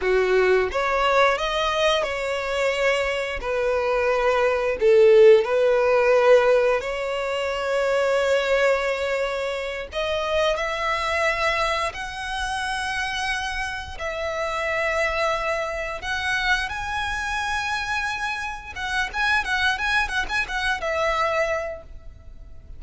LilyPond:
\new Staff \with { instrumentName = "violin" } { \time 4/4 \tempo 4 = 88 fis'4 cis''4 dis''4 cis''4~ | cis''4 b'2 a'4 | b'2 cis''2~ | cis''2~ cis''8 dis''4 e''8~ |
e''4. fis''2~ fis''8~ | fis''8 e''2. fis''8~ | fis''8 gis''2. fis''8 | gis''8 fis''8 gis''8 fis''16 gis''16 fis''8 e''4. | }